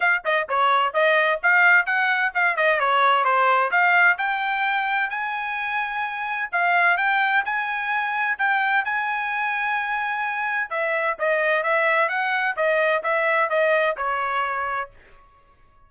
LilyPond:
\new Staff \with { instrumentName = "trumpet" } { \time 4/4 \tempo 4 = 129 f''8 dis''8 cis''4 dis''4 f''4 | fis''4 f''8 dis''8 cis''4 c''4 | f''4 g''2 gis''4~ | gis''2 f''4 g''4 |
gis''2 g''4 gis''4~ | gis''2. e''4 | dis''4 e''4 fis''4 dis''4 | e''4 dis''4 cis''2 | }